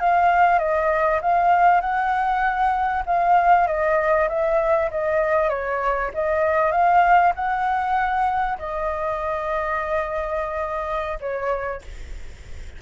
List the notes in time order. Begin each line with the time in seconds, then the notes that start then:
0.00 F5
0.59 D#5
1.22 F5
1.81 F#5
3.06 F5
3.67 D#5
4.29 E5
4.91 D#5
5.50 C#5
6.14 D#5
6.72 F5
7.35 F#5
8.59 D#5
11.21 C#5